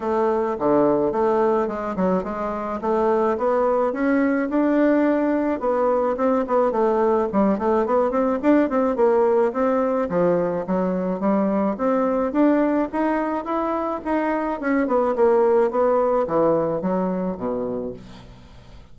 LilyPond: \new Staff \with { instrumentName = "bassoon" } { \time 4/4 \tempo 4 = 107 a4 d4 a4 gis8 fis8 | gis4 a4 b4 cis'4 | d'2 b4 c'8 b8 | a4 g8 a8 b8 c'8 d'8 c'8 |
ais4 c'4 f4 fis4 | g4 c'4 d'4 dis'4 | e'4 dis'4 cis'8 b8 ais4 | b4 e4 fis4 b,4 | }